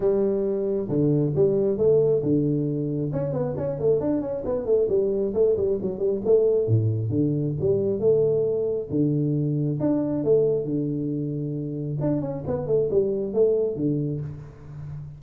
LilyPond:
\new Staff \with { instrumentName = "tuba" } { \time 4/4 \tempo 4 = 135 g2 d4 g4 | a4 d2 cis'8 b8 | cis'8 a8 d'8 cis'8 b8 a8 g4 | a8 g8 fis8 g8 a4 a,4 |
d4 g4 a2 | d2 d'4 a4 | d2. d'8 cis'8 | b8 a8 g4 a4 d4 | }